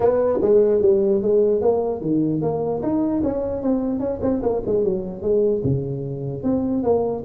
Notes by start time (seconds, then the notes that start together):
0.00 B3
0.41 G#3
0.81 G3
1.22 G#3
1.61 A#3
2.01 D#3
2.41 A#3
2.82 D#4
3.23 C#4
3.61 C4
3.99 C#4
4.21 C4
4.42 A#3
4.66 G#3
4.83 F#3
5.21 G#3
5.63 C#3
6.43 C4
6.83 A#3